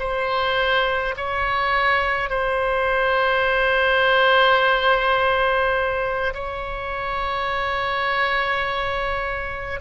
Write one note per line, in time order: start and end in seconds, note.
0.00 1.15 C5
1.17 2.30 C#5
2.30 6.34 C5
6.35 9.81 C#5